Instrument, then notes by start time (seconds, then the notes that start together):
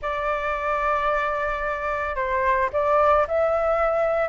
flute
0.02 D5
2.15 C5
2.72 D5
3.27 E5